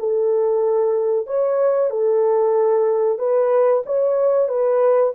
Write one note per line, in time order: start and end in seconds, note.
0.00 1.27 A4
1.27 1.91 C#5
1.91 3.19 A4
3.19 3.84 B4
3.86 4.49 C#5
4.49 5.13 B4